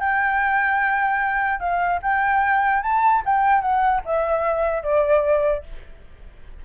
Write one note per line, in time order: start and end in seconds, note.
0.00 1.60 G5
1.60 2.00 F5
2.02 2.83 G5
2.83 3.23 A5
3.26 3.61 G5
3.61 4.02 F#5
4.05 4.83 E5
4.83 5.64 D5